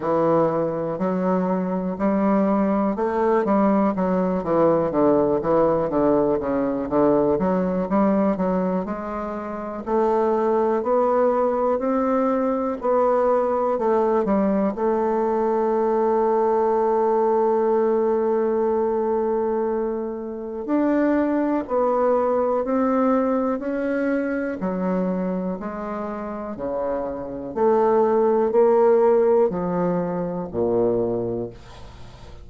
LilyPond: \new Staff \with { instrumentName = "bassoon" } { \time 4/4 \tempo 4 = 61 e4 fis4 g4 a8 g8 | fis8 e8 d8 e8 d8 cis8 d8 fis8 | g8 fis8 gis4 a4 b4 | c'4 b4 a8 g8 a4~ |
a1~ | a4 d'4 b4 c'4 | cis'4 fis4 gis4 cis4 | a4 ais4 f4 ais,4 | }